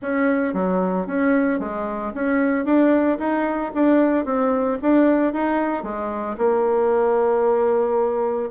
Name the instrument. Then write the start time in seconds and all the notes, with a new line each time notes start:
bassoon
0.02 C#4
0.53 F#3
1.06 C#4
1.59 G#3
2.14 C#4
2.65 D4
3.19 D#4
3.74 D4
4.25 C4
4.81 D4
5.33 D#4
5.83 G#3
6.37 A#3